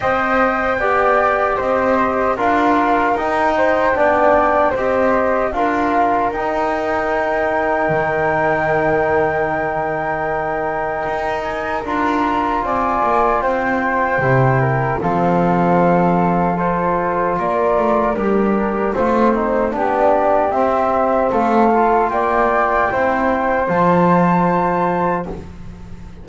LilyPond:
<<
  \new Staff \with { instrumentName = "flute" } { \time 4/4 \tempo 4 = 76 g''2 dis''4 f''4 | g''2 dis''4 f''4 | g''1~ | g''2~ g''8 gis''8 ais''4 |
gis''4 g''2 f''4~ | f''4 c''4 d''4 ais'4 | c''4 d''4 e''4 f''4 | g''2 a''2 | }
  \new Staff \with { instrumentName = "flute" } { \time 4/4 dis''4 d''4 c''4 ais'4~ | ais'8 c''8 d''4 c''4 ais'4~ | ais'1~ | ais'1 |
d''4 c''4. ais'8 a'4~ | a'2 ais'4 d'4 | c'4 g'2 a'4 | d''4 c''2. | }
  \new Staff \with { instrumentName = "trombone" } { \time 4/4 c''4 g'2 f'4 | dis'4 d'4 g'4 f'4 | dis'1~ | dis'2. f'4~ |
f'2 e'4 c'4~ | c'4 f'2 g'4 | f'8 dis'8 d'4 c'4. f'8~ | f'4 e'4 f'2 | }
  \new Staff \with { instrumentName = "double bass" } { \time 4/4 c'4 b4 c'4 d'4 | dis'4 b4 c'4 d'4 | dis'2 dis2~ | dis2 dis'4 d'4 |
c'8 ais8 c'4 c4 f4~ | f2 ais8 a8 g4 | a4 b4 c'4 a4 | ais4 c'4 f2 | }
>>